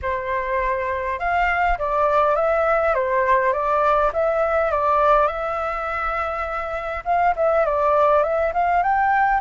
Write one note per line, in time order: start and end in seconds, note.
0.02 1.19 C5
1.19 1.78 F5
1.78 2.35 D5
2.35 2.94 E5
2.94 3.52 C5
3.52 4.11 D5
4.13 4.71 E5
4.71 5.27 D5
5.27 7.03 E5
7.04 7.34 F5
7.36 7.65 E5
7.65 8.23 D5
8.23 8.52 E5
8.53 8.82 F5
8.82 9.40 G5